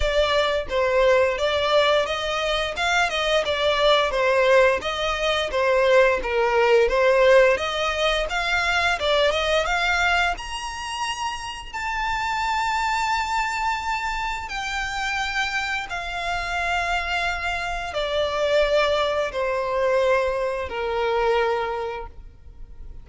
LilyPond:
\new Staff \with { instrumentName = "violin" } { \time 4/4 \tempo 4 = 87 d''4 c''4 d''4 dis''4 | f''8 dis''8 d''4 c''4 dis''4 | c''4 ais'4 c''4 dis''4 | f''4 d''8 dis''8 f''4 ais''4~ |
ais''4 a''2.~ | a''4 g''2 f''4~ | f''2 d''2 | c''2 ais'2 | }